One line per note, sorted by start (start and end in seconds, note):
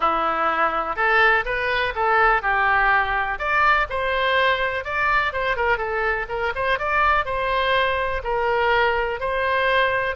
0.00 0.96 E4
0.96 1.44 A4
1.45 1.93 B4
1.95 2.42 A4
2.42 3.38 G4
3.38 3.87 D5
3.89 4.84 C5
4.84 5.32 D5
5.32 5.56 C5
5.56 5.77 A#4
5.77 6.26 A4
6.28 6.53 A#4
6.55 6.78 C5
6.78 7.25 D5
7.25 8.22 C5
8.23 9.20 A#4
9.20 10.15 C5